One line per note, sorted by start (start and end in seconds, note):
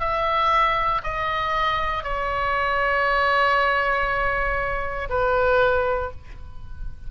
0.00 1.02 E5
1.04 2.03 D#5
2.03 5.08 C#5
5.09 6.11 B4